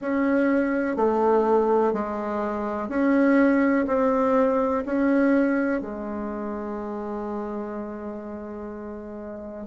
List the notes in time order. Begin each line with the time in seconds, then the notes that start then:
0.01 C#4
0.96 A3
1.93 G#3
2.89 C#4
3.87 C4
4.85 C#4
5.81 G#3